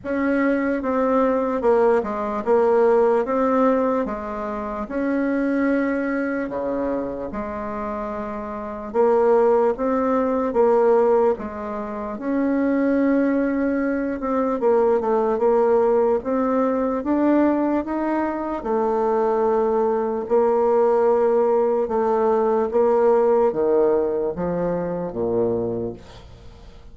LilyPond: \new Staff \with { instrumentName = "bassoon" } { \time 4/4 \tempo 4 = 74 cis'4 c'4 ais8 gis8 ais4 | c'4 gis4 cis'2 | cis4 gis2 ais4 | c'4 ais4 gis4 cis'4~ |
cis'4. c'8 ais8 a8 ais4 | c'4 d'4 dis'4 a4~ | a4 ais2 a4 | ais4 dis4 f4 ais,4 | }